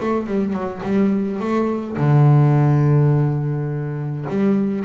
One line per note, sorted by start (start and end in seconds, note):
0.00 0.26 A3
0.26 0.53 G3
0.53 0.81 F#3
0.82 1.39 G3
1.39 1.96 A3
1.97 4.25 D3
4.29 4.84 G3